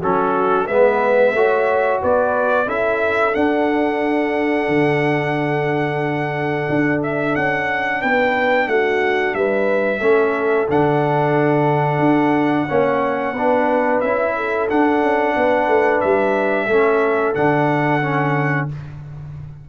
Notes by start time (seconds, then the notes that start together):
0.00 F#3 C#4 F#4 A4
0.67 G#3 B3 B4 E5
1.33 A3 F#4 C#5
2.02 B3 B4 D5
2.67 C#4 E4 A4 E5
3.32 D4 F#5
4.68 D3
6.69 D4
7.03 E5
7.36 C#4 F#5
8.01 B3 B4 G5
8.67 A3 F#4 F#5
9.34 G3 B4 E5
10.00 A3 C#4 A4
10.68 D3 D4 F#5
11.99 D4
12.68 A#3 C#4 C#5
13.33 B3 D4 B4
14.01 C#4 E4 E5
14.36 A4
14.69 D4 F#5
15.02 C#4
15.36 B3 B4
15.68 A3
16.01 G3 E5
16.67 A3 C#4 A4
17.35 D3 D4 F#5
18.02 C#4